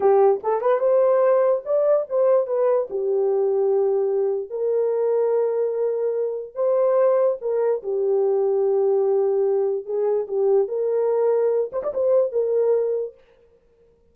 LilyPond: \new Staff \with { instrumentName = "horn" } { \time 4/4 \tempo 4 = 146 g'4 a'8 b'8 c''2 | d''4 c''4 b'4 g'4~ | g'2. ais'4~ | ais'1 |
c''2 ais'4 g'4~ | g'1 | gis'4 g'4 ais'2~ | ais'8 c''16 d''16 c''4 ais'2 | }